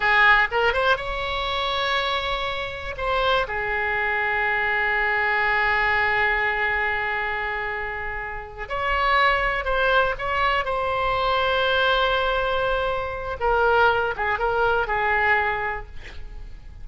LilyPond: \new Staff \with { instrumentName = "oboe" } { \time 4/4 \tempo 4 = 121 gis'4 ais'8 c''8 cis''2~ | cis''2 c''4 gis'4~ | gis'1~ | gis'1~ |
gis'4. cis''2 c''8~ | c''8 cis''4 c''2~ c''8~ | c''2. ais'4~ | ais'8 gis'8 ais'4 gis'2 | }